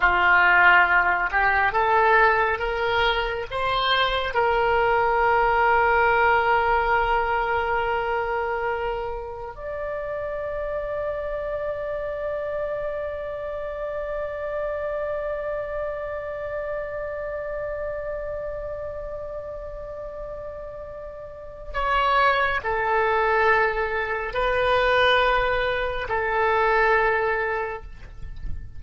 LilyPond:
\new Staff \with { instrumentName = "oboe" } { \time 4/4 \tempo 4 = 69 f'4. g'8 a'4 ais'4 | c''4 ais'2.~ | ais'2. d''4~ | d''1~ |
d''1~ | d''1~ | d''4 cis''4 a'2 | b'2 a'2 | }